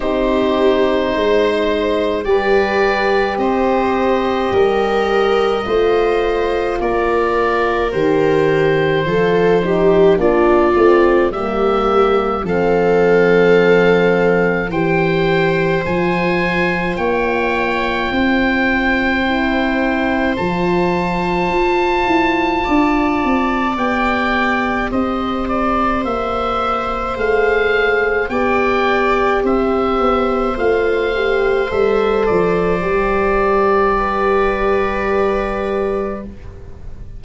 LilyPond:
<<
  \new Staff \with { instrumentName = "oboe" } { \time 4/4 \tempo 4 = 53 c''2 d''4 dis''4~ | dis''2 d''4 c''4~ | c''4 d''4 e''4 f''4~ | f''4 g''4 gis''4 g''4~ |
g''2 a''2~ | a''4 g''4 dis''8 d''8 e''4 | f''4 g''4 e''4 f''4 | e''8 d''2.~ d''8 | }
  \new Staff \with { instrumentName = "viola" } { \time 4/4 g'4 c''4 b'4 c''4 | ais'4 c''4 ais'2 | a'8 g'8 f'4 g'4 a'4~ | a'4 c''2 cis''4 |
c''1 | d''2 c''2~ | c''4 d''4 c''2~ | c''2 b'2 | }
  \new Staff \with { instrumentName = "horn" } { \time 4/4 dis'2 g'2~ | g'4 f'2 g'4 | f'8 dis'8 d'8 c'8 ais4 c'4~ | c'4 g'4 f'2~ |
f'4 e'4 f'2~ | f'4 g'2. | gis'4 g'2 f'8 g'8 | a'4 g'2. | }
  \new Staff \with { instrumentName = "tuba" } { \time 4/4 c'4 gis4 g4 c'4 | g4 a4 ais4 dis4 | f4 ais8 a8 g4 f4~ | f4 e4 f4 ais4 |
c'2 f4 f'8 e'8 | d'8 c'8 b4 c'4 ais4 | a4 b4 c'8 b8 a4 | g8 f8 g2. | }
>>